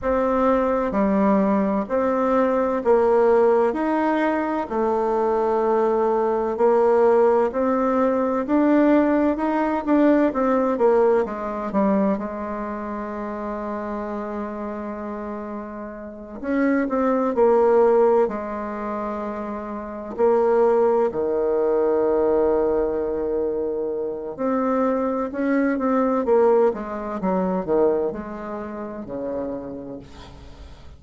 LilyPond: \new Staff \with { instrumentName = "bassoon" } { \time 4/4 \tempo 4 = 64 c'4 g4 c'4 ais4 | dis'4 a2 ais4 | c'4 d'4 dis'8 d'8 c'8 ais8 | gis8 g8 gis2.~ |
gis4. cis'8 c'8 ais4 gis8~ | gis4. ais4 dis4.~ | dis2 c'4 cis'8 c'8 | ais8 gis8 fis8 dis8 gis4 cis4 | }